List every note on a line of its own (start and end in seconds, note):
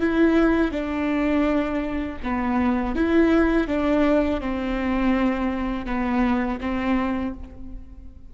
0.00 0.72 E4
0.72 2.18 D4
2.23 2.95 B3
2.95 3.67 E4
3.67 4.40 D4
4.41 5.86 C4
5.86 6.59 B3
6.61 7.34 C4